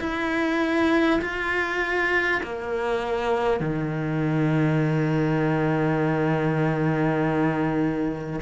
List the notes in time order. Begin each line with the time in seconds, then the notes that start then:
0.00 E4
1.21 F4
2.43 A#3
3.60 D#3